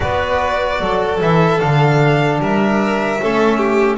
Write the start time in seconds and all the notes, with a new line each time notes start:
0.00 B3 F#4 B4 D5
0.80 F#3 A4
1.20 E3 E4 E5
1.60 D3 D4 F5
2.40 G3 A#4 E5
3.20 A3 C#4 A4
3.57 G4